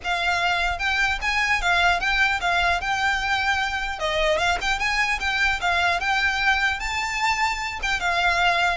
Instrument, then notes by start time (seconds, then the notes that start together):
violin
0.04 F5
0.78 G5
1.21 G#5
1.61 F5
2.00 G5
2.40 F5
2.80 G5
3.99 D#5
4.38 F5
4.61 G5
4.79 G#5
5.20 G5
5.61 F5
6.00 G5
6.79 A5
7.82 G5
8.00 F5